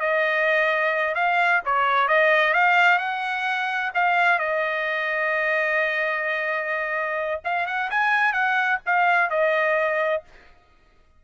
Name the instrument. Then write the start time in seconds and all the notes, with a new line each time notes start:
trumpet
0.00 D#5
1.15 F5
1.66 C#5
2.08 D#5
2.54 F5
2.99 F#5
3.95 F5
4.39 D#5
7.45 F5
7.67 F#5
7.90 G#5
8.33 F#5
8.86 F5
9.30 D#5